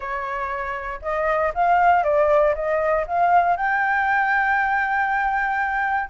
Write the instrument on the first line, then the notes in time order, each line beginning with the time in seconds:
flute
0.00 C#5
1.01 D#5
1.54 F5
2.03 D5
2.54 D#5
3.07 F5
3.56 G5